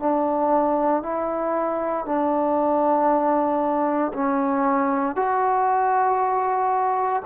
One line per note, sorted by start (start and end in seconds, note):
0.00 1.03 D4
1.03 2.05 E4
2.05 4.12 D4
4.14 5.16 C#4
5.16 7.23 F#4